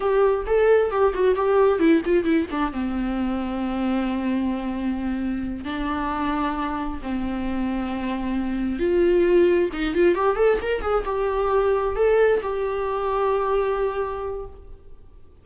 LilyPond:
\new Staff \with { instrumentName = "viola" } { \time 4/4 \tempo 4 = 133 g'4 a'4 g'8 fis'8 g'4 | e'8 f'8 e'8 d'8 c'2~ | c'1~ | c'8 d'2. c'8~ |
c'2.~ c'8 f'8~ | f'4. dis'8 f'8 g'8 a'8 ais'8 | gis'8 g'2 a'4 g'8~ | g'1 | }